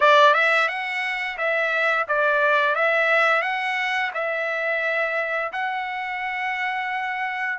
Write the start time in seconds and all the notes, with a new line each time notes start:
0.00 D5
0.34 E5
0.68 F#5
1.37 E5
2.08 D5
2.75 E5
3.42 F#5
4.13 E5
5.52 F#5